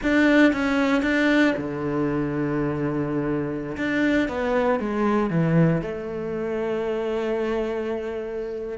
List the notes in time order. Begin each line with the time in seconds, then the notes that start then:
0.02 D4
0.52 C#4
1.02 D4
1.57 D3
3.77 D4
4.28 B3
4.79 G#3
5.30 E3
5.81 A3